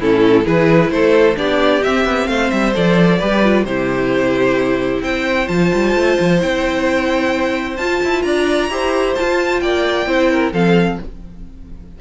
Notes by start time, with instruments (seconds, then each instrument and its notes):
0.00 cello A2, viola C#4, violin E4 A4
0.43 cello E3, viola E4, violin G#4 B4
0.91 cello A3, violin A4 C5
1.36 cello B3, viola D4, violin G4 D5
1.83 viola C4, cello C4, violin E5
2.05 cello B3
2.28 cello A3, violin C5 F5
2.51 cello G3, violin E5
2.74 cello F3, viola A4, violin D5
3.19 cello G3, viola G4, violin B4
3.44 viola F4
3.65 cello C3, viola E4, violin G4 C5
5.02 cello C4, violin C5 G5
5.47 cello F3, viola F4, violin A5
5.73 cello G3
5.96 cello A3
6.20 cello F3
6.39 cello C4, viola E4, violin G5
7.77 cello F4, viola F4, violin A5
8.04 cello E4
8.22 cello D4, violin D5 A#5
8.70 cello E4, viola G4, violin C5
9.15 viola F4, cello F4, violin A5
9.60 cello A#3, violin D5 G5
10.06 cello C4, viola E4, violin C5
10.32 violin A#4
10.52 cello F3, viola C4, violin A4 F5